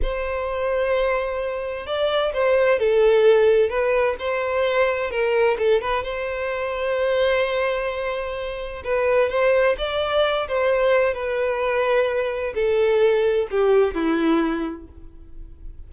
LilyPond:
\new Staff \with { instrumentName = "violin" } { \time 4/4 \tempo 4 = 129 c''1 | d''4 c''4 a'2 | b'4 c''2 ais'4 | a'8 b'8 c''2.~ |
c''2. b'4 | c''4 d''4. c''4. | b'2. a'4~ | a'4 g'4 e'2 | }